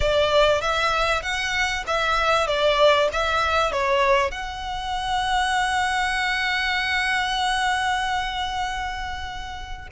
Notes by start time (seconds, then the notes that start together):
0.00 D5
0.61 E5
1.22 F#5
1.86 E5
2.47 D5
3.12 E5
3.72 C#5
4.31 F#5